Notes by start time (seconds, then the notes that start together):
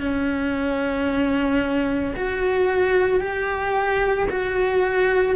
0.00 C#4
2.16 F#4
3.21 G4
4.30 F#4